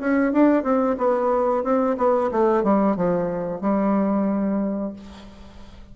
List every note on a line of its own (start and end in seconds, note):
0.00 0.33 C#4
0.33 0.64 D4
0.64 0.97 C4
0.98 1.64 B3
1.64 1.97 C4
1.98 2.31 B3
2.32 2.63 A3
2.63 2.96 G3
2.96 3.61 F3
3.61 4.93 G3